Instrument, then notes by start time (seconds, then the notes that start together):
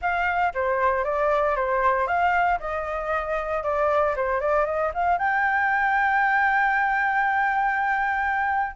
flute
0.01 F5
0.54 C5
1.04 D5
1.55 C5
2.07 F5
2.59 D#5
3.63 D5
4.15 C5
4.40 D5
4.65 D#5
4.94 F5
5.17 G5